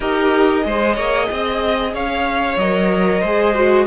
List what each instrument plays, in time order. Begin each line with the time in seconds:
0.00 cello D#4, viola G4, violin A#4 D#5
0.61 cello G#3, viola G#4, violin C5
0.95 cello A#3, violin C#5
1.30 cello C4, violin D#5
1.93 cello C#4, violin C#5 F5
2.57 cello F#3, viola A#4, violin D#5
3.20 cello G#3, viola G#4, violin C5
3.54 viola F#4